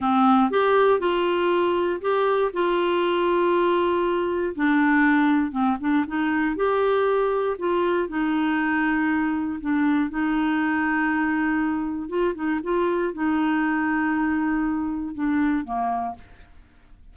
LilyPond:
\new Staff \with { instrumentName = "clarinet" } { \time 4/4 \tempo 4 = 119 c'4 g'4 f'2 | g'4 f'2.~ | f'4 d'2 c'8 d'8 | dis'4 g'2 f'4 |
dis'2. d'4 | dis'1 | f'8 dis'8 f'4 dis'2~ | dis'2 d'4 ais4 | }